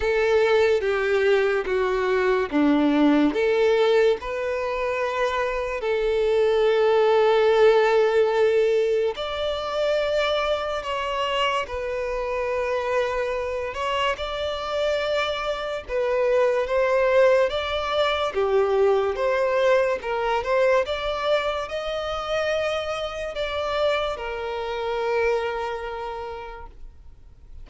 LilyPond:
\new Staff \with { instrumentName = "violin" } { \time 4/4 \tempo 4 = 72 a'4 g'4 fis'4 d'4 | a'4 b'2 a'4~ | a'2. d''4~ | d''4 cis''4 b'2~ |
b'8 cis''8 d''2 b'4 | c''4 d''4 g'4 c''4 | ais'8 c''8 d''4 dis''2 | d''4 ais'2. | }